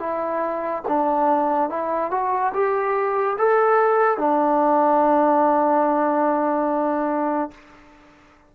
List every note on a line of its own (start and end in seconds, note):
0.00 0.83 E4
0.89 1.70 D4
1.70 2.11 E4
2.11 2.53 F#4
2.54 3.37 G4
3.39 4.18 A4
4.18 7.51 D4